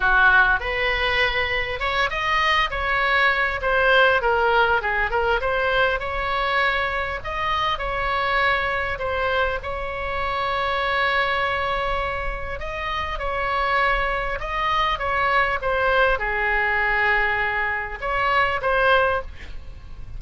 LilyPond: \new Staff \with { instrumentName = "oboe" } { \time 4/4 \tempo 4 = 100 fis'4 b'2 cis''8 dis''8~ | dis''8 cis''4. c''4 ais'4 | gis'8 ais'8 c''4 cis''2 | dis''4 cis''2 c''4 |
cis''1~ | cis''4 dis''4 cis''2 | dis''4 cis''4 c''4 gis'4~ | gis'2 cis''4 c''4 | }